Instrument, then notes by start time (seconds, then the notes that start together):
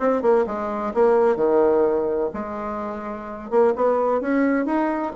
bassoon
0.00 C4
0.22 A#3
0.46 G#3
0.94 A#3
1.36 D#3
2.34 G#3
3.50 A#3
3.76 B3
4.21 C#4
4.66 D#4